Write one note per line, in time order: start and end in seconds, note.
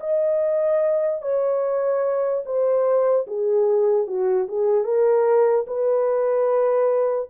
0.00 1.22 D#5
1.22 2.43 C#5
2.45 3.26 C5
3.27 4.07 G#4
4.07 4.47 F#4
4.48 4.84 G#4
4.84 5.65 A#4
5.67 7.29 B4